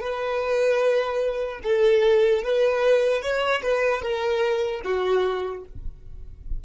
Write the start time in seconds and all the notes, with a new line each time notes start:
0.00 B4
1.63 A4
2.43 B4
3.22 C#5
3.63 B4
4.02 A#4
4.84 F#4